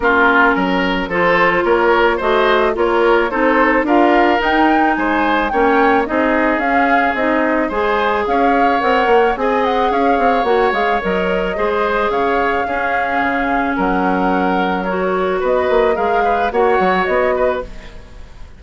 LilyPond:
<<
  \new Staff \with { instrumentName = "flute" } { \time 4/4 \tempo 4 = 109 ais'2 c''4 cis''4 | dis''4 cis''4 c''4 f''4 | g''4 gis''4 g''4 dis''4 | f''4 dis''4 gis''4 f''4 |
fis''4 gis''8 fis''8 f''4 fis''8 f''8 | dis''2 f''2~ | f''4 fis''2 cis''4 | dis''4 f''4 fis''4 dis''4 | }
  \new Staff \with { instrumentName = "oboe" } { \time 4/4 f'4 ais'4 a'4 ais'4 | c''4 ais'4 a'4 ais'4~ | ais'4 c''4 cis''4 gis'4~ | gis'2 c''4 cis''4~ |
cis''4 dis''4 cis''2~ | cis''4 c''4 cis''4 gis'4~ | gis'4 ais'2. | b'4 ais'8 b'8 cis''4. b'8 | }
  \new Staff \with { instrumentName = "clarinet" } { \time 4/4 cis'2 f'2 | fis'4 f'4 dis'4 f'4 | dis'2 cis'4 dis'4 | cis'4 dis'4 gis'2 |
ais'4 gis'2 fis'8 gis'8 | ais'4 gis'2 cis'4~ | cis'2. fis'4~ | fis'4 gis'4 fis'2 | }
  \new Staff \with { instrumentName = "bassoon" } { \time 4/4 ais4 fis4 f4 ais4 | a4 ais4 c'4 d'4 | dis'4 gis4 ais4 c'4 | cis'4 c'4 gis4 cis'4 |
c'8 ais8 c'4 cis'8 c'8 ais8 gis8 | fis4 gis4 cis4 cis'4 | cis4 fis2. | b8 ais8 gis4 ais8 fis8 b4 | }
>>